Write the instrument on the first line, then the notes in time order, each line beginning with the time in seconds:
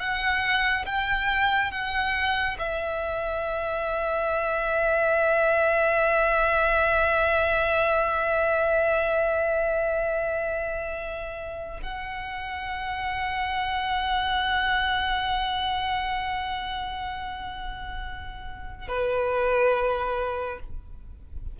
violin
0.00 F#5
0.86 G5
1.72 F#5
2.59 E5
11.83 F#5
18.88 B4